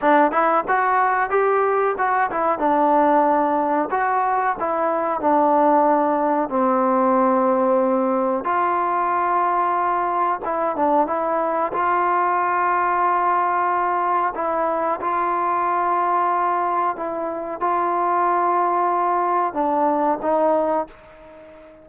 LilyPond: \new Staff \with { instrumentName = "trombone" } { \time 4/4 \tempo 4 = 92 d'8 e'8 fis'4 g'4 fis'8 e'8 | d'2 fis'4 e'4 | d'2 c'2~ | c'4 f'2. |
e'8 d'8 e'4 f'2~ | f'2 e'4 f'4~ | f'2 e'4 f'4~ | f'2 d'4 dis'4 | }